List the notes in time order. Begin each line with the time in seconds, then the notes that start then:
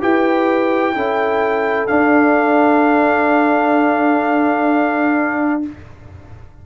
0.00 E4 G4 B4 G5
0.94 C#4 E4 A4
1.87 D4 F5